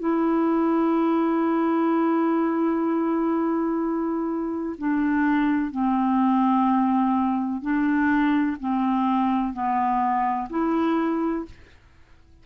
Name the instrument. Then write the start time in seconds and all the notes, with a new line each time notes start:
clarinet
0.00 E4
4.78 D4
5.71 C4
7.62 D4
8.60 C4
9.54 B3
10.50 E4